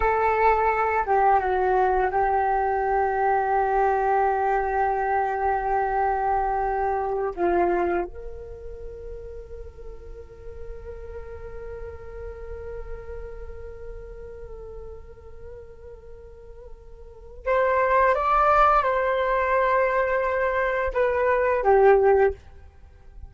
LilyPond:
\new Staff \with { instrumentName = "flute" } { \time 4/4 \tempo 4 = 86 a'4. g'8 fis'4 g'4~ | g'1~ | g'2~ g'8 f'4 ais'8~ | ais'1~ |
ais'1~ | ais'1~ | ais'4 c''4 d''4 c''4~ | c''2 b'4 g'4 | }